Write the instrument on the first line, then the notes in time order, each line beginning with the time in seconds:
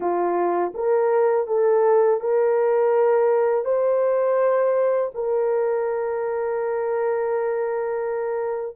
horn
0.00 F4
0.74 A#4
1.47 A4
2.20 A#4
3.65 C5
5.14 A#4